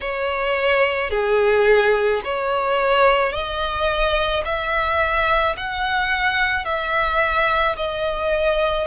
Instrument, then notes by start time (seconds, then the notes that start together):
violin
0.01 C#5
1.10 G#4
2.24 C#5
3.32 D#5
4.44 E5
5.56 F#5
6.65 E5
7.76 D#5